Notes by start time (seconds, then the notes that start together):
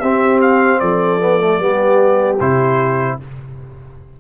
0.00 C4 G4 E5
0.42 F5
0.80 F3 A4 D5
1.20 B3
1.40 A3
1.59 G3 B3 G4
2.40 C3 E4 C5